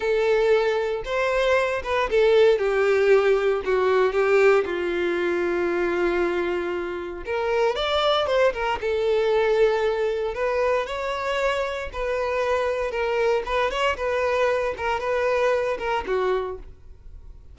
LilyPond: \new Staff \with { instrumentName = "violin" } { \time 4/4 \tempo 4 = 116 a'2 c''4. b'8 | a'4 g'2 fis'4 | g'4 f'2.~ | f'2 ais'4 d''4 |
c''8 ais'8 a'2. | b'4 cis''2 b'4~ | b'4 ais'4 b'8 cis''8 b'4~ | b'8 ais'8 b'4. ais'8 fis'4 | }